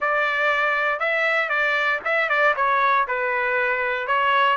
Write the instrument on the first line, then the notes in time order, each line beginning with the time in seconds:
trumpet
0.00 D5
0.99 E5
1.49 D5
2.04 E5
2.29 D5
2.56 C#5
3.07 B4
4.07 C#5